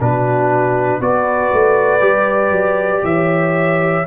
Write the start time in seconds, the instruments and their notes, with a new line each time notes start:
0.00 tuba B2, trombone D4, horn F#4, trumpet B4
1.00 tuba B3, trombone F#4, horn B4, trumpet D5
1.52 tuba A3
2.00 tuba G3, trombone G4
2.50 tuba F#3
3.03 tuba E3, horn C#5, trumpet E5